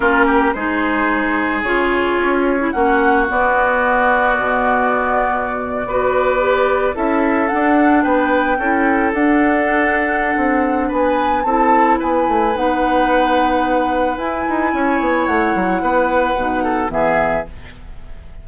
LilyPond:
<<
  \new Staff \with { instrumentName = "flute" } { \time 4/4 \tempo 4 = 110 ais'4 c''2 cis''4~ | cis''4 fis''4 d''2~ | d''1~ | d''8. e''4 fis''4 g''4~ g''16~ |
g''8. fis''2.~ fis''16 | gis''4 a''4 gis''4 fis''4~ | fis''2 gis''2 | fis''2. e''4 | }
  \new Staff \with { instrumentName = "oboe" } { \time 4/4 f'8 g'8 gis'2.~ | gis'4 fis'2.~ | fis'2~ fis'8. b'4~ b'16~ | b'8. a'2 b'4 a'16~ |
a'1 | b'4 a'4 b'2~ | b'2. cis''4~ | cis''4 b'4. a'8 gis'4 | }
  \new Staff \with { instrumentName = "clarinet" } { \time 4/4 cis'4 dis'2 f'4~ | f'8. e'16 cis'4 b2~ | b2~ b8. fis'4 g'16~ | g'8. e'4 d'2 e'16~ |
e'8. d'2.~ d'16~ | d'4 e'2 dis'4~ | dis'2 e'2~ | e'2 dis'4 b4 | }
  \new Staff \with { instrumentName = "bassoon" } { \time 4/4 ais4 gis2 cis4 | cis'4 ais4 b2 | b,2~ b,8. b4~ b16~ | b8. cis'4 d'4 b4 cis'16~ |
cis'8. d'2~ d'16 c'4 | b4 c'4 b8 a8 b4~ | b2 e'8 dis'8 cis'8 b8 | a8 fis8 b4 b,4 e4 | }
>>